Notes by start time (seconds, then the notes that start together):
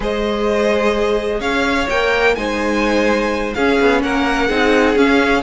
0.00 G#3 G#4 C5 D#5
1.39 C#4 C#5 F5
1.89 A#3 A#4 G5
2.35 G#3 D#4 C5 G#5
3.54 C#4 G#4 F5
3.80 B3
4.03 A#3 A#4 F#5
4.48 C4 D#4 G#4
4.95 C#4 F5